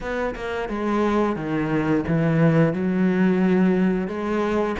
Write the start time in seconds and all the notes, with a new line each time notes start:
0.00 B3
0.35 A#3
0.68 G#3
1.36 D#3
2.07 E3
2.73 F#3
4.07 G#3